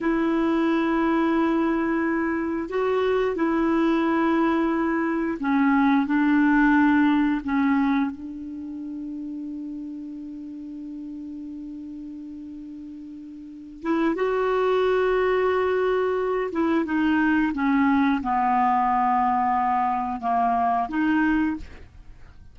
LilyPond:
\new Staff \with { instrumentName = "clarinet" } { \time 4/4 \tempo 4 = 89 e'1 | fis'4 e'2. | cis'4 d'2 cis'4 | d'1~ |
d'1~ | d'8 e'8 fis'2.~ | fis'8 e'8 dis'4 cis'4 b4~ | b2 ais4 dis'4 | }